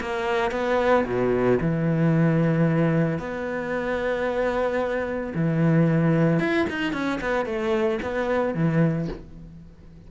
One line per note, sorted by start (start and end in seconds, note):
0.00 0.51 A#3
0.51 1.04 B3
1.05 1.58 B2
1.60 3.19 E3
3.19 5.33 B3
5.34 6.39 E3
6.39 6.66 E4
6.69 6.93 D#4
6.93 7.19 C#4
7.21 7.45 B3
7.45 7.99 A3
8.02 8.54 B3
8.54 9.08 E3